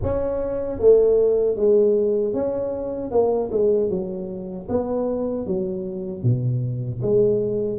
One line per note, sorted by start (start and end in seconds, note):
0.02 0.79 C#4
0.79 1.55 A3
1.55 2.33 G#3
2.33 3.11 C#4
3.11 3.50 A#3
3.51 3.89 G#3
3.89 4.67 F#3
4.69 5.46 B3
5.46 6.22 F#3
6.22 7.00 B2
7.01 7.78 G#3